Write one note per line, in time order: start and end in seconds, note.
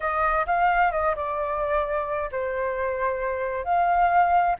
0.00 0.46 D#5
0.46 0.91 F5
0.91 1.14 D#5
1.15 2.30 D5
2.31 3.64 C5
3.64 4.56 F5